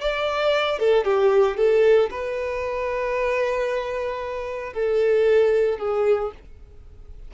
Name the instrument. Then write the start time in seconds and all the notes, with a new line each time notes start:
violin
0.00 D5
0.79 A4
1.04 G4
1.57 A4
2.11 B4
4.73 A4
5.78 G#4